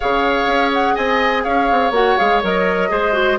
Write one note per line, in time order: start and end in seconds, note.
0.00 0.46 C#3
0.00 1.94 G#4
0.00 0.94 C#5
0.00 0.72 F5
0.46 0.95 C#4
0.73 0.95 F#5
0.94 1.45 C4
0.94 1.43 D#5
0.94 1.44 G#5
1.43 1.70 C#4
1.43 2.89 C#5
1.43 1.92 F5
1.70 1.90 C4
1.90 2.15 A#3
1.90 2.18 F#4
1.90 2.18 F#5
2.18 2.43 G#3
2.18 2.42 G#4
2.18 2.42 F5
2.43 2.90 F#3
2.43 2.89 A#4
2.43 3.39 D#5
2.89 3.39 G#3
2.89 3.12 G#4
2.89 3.39 C5
3.12 3.37 F#4